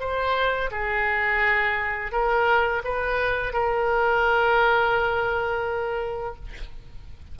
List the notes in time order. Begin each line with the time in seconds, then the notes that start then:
0.00 C5
0.72 G#4
2.12 A#4
2.85 B4
3.53 A#4